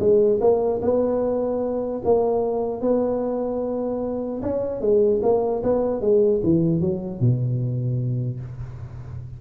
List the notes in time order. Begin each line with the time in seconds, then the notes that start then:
0.00 G#3
0.41 A#3
0.82 B3
2.05 A#3
2.82 B3
4.42 C#4
4.81 G#3
5.23 A#3
5.63 B3
6.01 G#3
6.43 E3
6.81 F#3
7.20 B2